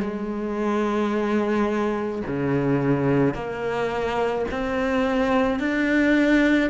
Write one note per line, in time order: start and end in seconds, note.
0.00 2.22 G#3
2.27 3.34 C#3
3.34 4.45 A#3
4.51 5.59 C4
5.59 6.70 D4